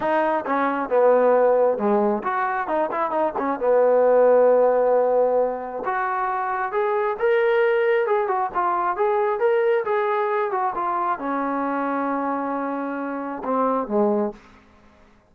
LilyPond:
\new Staff \with { instrumentName = "trombone" } { \time 4/4 \tempo 4 = 134 dis'4 cis'4 b2 | gis4 fis'4 dis'8 e'8 dis'8 cis'8 | b1~ | b4 fis'2 gis'4 |
ais'2 gis'8 fis'8 f'4 | gis'4 ais'4 gis'4. fis'8 | f'4 cis'2.~ | cis'2 c'4 gis4 | }